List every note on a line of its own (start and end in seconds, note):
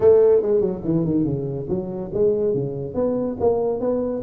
0.00 0.42 A3
0.42 0.60 G#3
0.60 0.81 F#3
0.84 1.05 E3
1.05 1.24 D#3
1.24 1.66 C#3
1.69 2.11 F#3
2.13 2.54 G#3
2.54 2.94 C#3
2.94 3.36 B3
3.40 3.80 A#3
3.80 4.22 B3